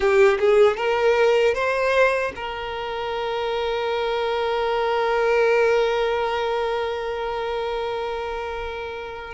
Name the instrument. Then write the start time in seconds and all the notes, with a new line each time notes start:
violin
0.00 G4
0.39 G#4
0.77 A#4
1.54 C5
2.35 A#4